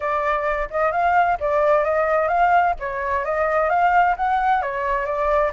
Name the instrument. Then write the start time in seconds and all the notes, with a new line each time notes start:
flute
0.00 D5
0.70 D#5
0.91 F5
1.40 D5
1.84 D#5
2.28 F5
2.79 C#5
3.24 D#5
3.69 F5
4.16 F#5
4.62 C#5
5.05 D5